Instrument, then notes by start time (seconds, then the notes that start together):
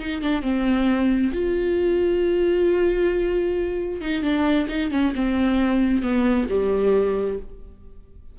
viola
0.00 D#4
0.22 D4
0.42 C4
1.33 F4
4.02 D#4
4.23 D4
4.69 D#4
4.91 C#4
5.16 C4
6.03 B3
6.49 G3